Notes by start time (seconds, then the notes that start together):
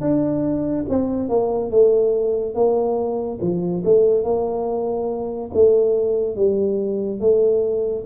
0.00 D4
0.88 C4
1.29 A#3
1.70 A3
2.54 A#3
3.40 F3
3.85 A3
4.23 A#3
5.54 A3
6.35 G3
7.20 A3